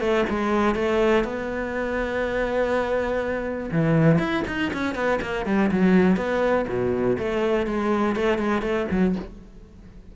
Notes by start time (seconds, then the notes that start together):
0.00 A3
0.30 G#3
0.75 A3
1.24 B3
3.72 E3
4.19 E4
4.48 D#4
4.73 C#4
4.95 B3
5.22 A#3
5.46 G3
5.72 F#3
6.17 B3
6.68 B2
7.19 A3
7.67 G#3
8.16 A3
8.38 G#3
8.62 A3
8.91 F#3